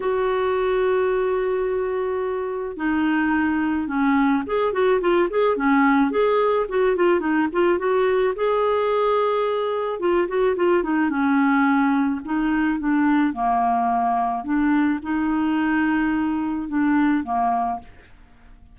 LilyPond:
\new Staff \with { instrumentName = "clarinet" } { \time 4/4 \tempo 4 = 108 fis'1~ | fis'4 dis'2 cis'4 | gis'8 fis'8 f'8 gis'8 cis'4 gis'4 | fis'8 f'8 dis'8 f'8 fis'4 gis'4~ |
gis'2 f'8 fis'8 f'8 dis'8 | cis'2 dis'4 d'4 | ais2 d'4 dis'4~ | dis'2 d'4 ais4 | }